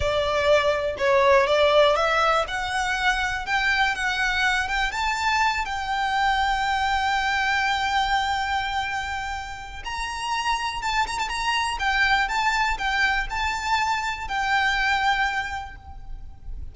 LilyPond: \new Staff \with { instrumentName = "violin" } { \time 4/4 \tempo 4 = 122 d''2 cis''4 d''4 | e''4 fis''2 g''4 | fis''4. g''8 a''4. g''8~ | g''1~ |
g''1 | ais''2 a''8 ais''16 a''16 ais''4 | g''4 a''4 g''4 a''4~ | a''4 g''2. | }